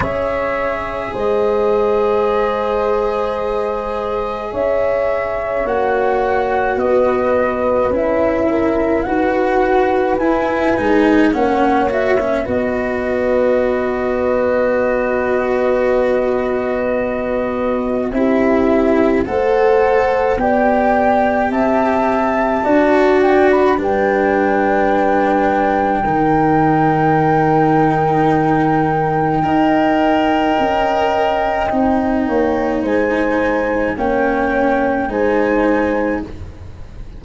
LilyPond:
<<
  \new Staff \with { instrumentName = "flute" } { \time 4/4 \tempo 4 = 53 e''4 dis''2. | e''4 fis''4 dis''4 e''4 | fis''4 gis''4 fis''8 e''8 dis''4~ | dis''1 |
e''4 fis''4 g''4 a''4~ | a''8 g''16 b''16 g''2.~ | g''1~ | g''4 gis''4 g''4 gis''4 | }
  \new Staff \with { instrumentName = "horn" } { \time 4/4 cis''4 c''2. | cis''2 b'4. ais'8 | b'2 cis''4 b'4~ | b'1 |
g'4 c''4 d''4 e''4 | d''4 b'2 ais'4~ | ais'2 dis''2~ | dis''8 cis''8 c''4 cis''4 c''4 | }
  \new Staff \with { instrumentName = "cello" } { \time 4/4 gis'1~ | gis'4 fis'2 e'4 | fis'4 e'8 dis'8 cis'8 fis'16 cis'16 fis'4~ | fis'1 |
e'4 a'4 g'2 | fis'4 d'2 dis'4~ | dis'2 ais'2 | dis'2 cis'4 dis'4 | }
  \new Staff \with { instrumentName = "tuba" } { \time 4/4 cis'4 gis2. | cis'4 ais4 b4 cis'4 | dis'4 e'8 gis8 ais4 b4~ | b1 |
c'4 a4 b4 c'4 | d'4 g2 dis4~ | dis2 dis'4 cis'4 | c'8 ais8 gis4 ais4 gis4 | }
>>